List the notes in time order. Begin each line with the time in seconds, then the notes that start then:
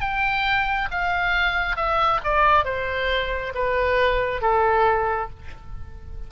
0.00 G5
0.91 F5
1.76 E5
2.23 D5
2.64 C5
3.54 B4
4.41 A4